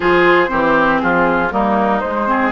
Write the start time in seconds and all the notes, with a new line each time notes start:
0.00 F3 F4 G#4 C5
0.48 E3 C4 G4
0.99 F3 F4 G#4
1.51 G3 A#3 D#4 A#4
2.00 G#3 C5
2.27 C4 G#4